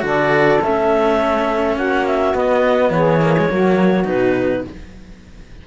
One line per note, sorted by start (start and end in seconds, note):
0.00 0.60 D3
0.00 0.58 F#4
0.00 1.76 A4
0.00 0.62 D5
0.61 1.76 A3
0.61 2.34 C#4
0.61 1.77 E5
1.76 2.33 A#3
1.76 2.91 F#4
1.76 2.06 F#5
2.07 2.35 E5
2.33 2.90 B3
2.33 3.21 B3
2.33 2.91 D#5
2.90 3.47 E3
2.90 3.51 G#4
2.90 4.07 C#5
3.21 3.36 A#3
3.38 3.49 G#3
3.49 4.06 F#3
3.49 4.04 A#3
3.49 4.67 F#4
4.04 4.64 B2
4.04 4.62 D#4
4.04 4.65 B4